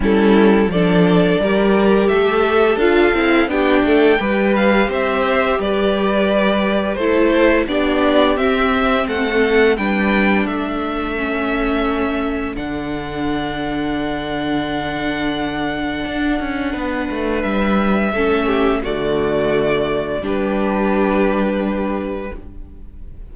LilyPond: <<
  \new Staff \with { instrumentName = "violin" } { \time 4/4 \tempo 4 = 86 a'4 d''2 e''4 | f''4 g''4. f''8 e''4 | d''2 c''4 d''4 | e''4 fis''4 g''4 e''4~ |
e''2 fis''2~ | fis''1~ | fis''4 e''2 d''4~ | d''4 b'2. | }
  \new Staff \with { instrumentName = "violin" } { \time 4/4 e'4 a'4 ais'4 a'4~ | a'4 g'8 a'8 b'4 c''4 | b'2 a'4 g'4~ | g'4 a'4 b'4 a'4~ |
a'1~ | a'1 | b'2 a'8 g'8 fis'4~ | fis'4 g'2. | }
  \new Staff \with { instrumentName = "viola" } { \time 4/4 cis'4 d'4 g'2 | f'8 e'8 d'4 g'2~ | g'2 e'4 d'4 | c'2 d'2 |
cis'2 d'2~ | d'1~ | d'2 cis'4 a4~ | a4 d'2. | }
  \new Staff \with { instrumentName = "cello" } { \time 4/4 g4 f4 g4 a4 | d'8 c'8 b8 a8 g4 c'4 | g2 a4 b4 | c'4 a4 g4 a4~ |
a2 d2~ | d2. d'8 cis'8 | b8 a8 g4 a4 d4~ | d4 g2. | }
>>